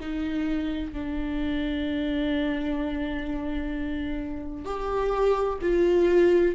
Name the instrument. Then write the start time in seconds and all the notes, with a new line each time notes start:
viola
0.00 D#4
0.92 D4
4.65 G4
5.61 F4